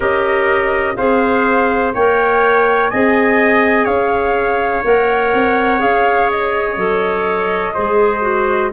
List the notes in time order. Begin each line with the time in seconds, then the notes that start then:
0.00 C#4 G4 A#4 D#5
0.96 C4 G#4 C5 F5
1.94 A#3 A#4 C#5 G5
2.89 C4 G#4 D#5 G#5
3.84 C#4 C#5 F5
4.83 A#3 A#4 F#5
5.33 C4
5.79 C#4 G#4 F5
6.30 D#5
6.76 F#3 A4
7.74 G#3 G#4 C5
8.21 F#4